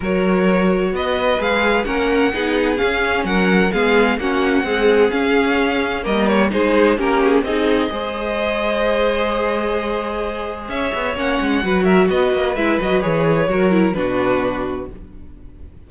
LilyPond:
<<
  \new Staff \with { instrumentName = "violin" } { \time 4/4 \tempo 4 = 129 cis''2 dis''4 f''4 | fis''2 f''4 fis''4 | f''4 fis''2 f''4~ | f''4 dis''8 cis''8 c''4 ais'8 gis'8 |
dis''1~ | dis''2. e''4 | fis''4. e''8 dis''4 e''8 dis''8 | cis''2 b'2 | }
  \new Staff \with { instrumentName = "violin" } { \time 4/4 ais'2 b'2 | ais'4 gis'2 ais'4 | gis'4 fis'4 gis'2~ | gis'4 ais'4 gis'4 g'4 |
gis'4 c''2.~ | c''2. cis''4~ | cis''4 b'8 ais'8 b'2~ | b'4 ais'4 fis'2 | }
  \new Staff \with { instrumentName = "viola" } { \time 4/4 fis'2. gis'4 | cis'4 dis'4 cis'2 | b4 cis'4 gis4 cis'4~ | cis'4 ais4 dis'4 cis'4 |
dis'4 gis'2.~ | gis'1 | cis'4 fis'2 e'8 fis'8 | gis'4 fis'8 e'8 d'2 | }
  \new Staff \with { instrumentName = "cello" } { \time 4/4 fis2 b4 gis4 | ais4 b4 cis'4 fis4 | gis4 ais4 c'4 cis'4~ | cis'4 g4 gis4 ais4 |
c'4 gis2.~ | gis2. cis'8 b8 | ais8 gis8 fis4 b8 ais8 gis8 fis8 | e4 fis4 b,2 | }
>>